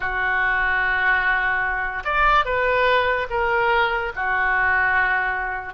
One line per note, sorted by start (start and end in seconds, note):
0.00 2.03 F#4
2.04 2.45 D5
2.45 3.27 B4
3.30 4.12 A#4
4.15 5.73 F#4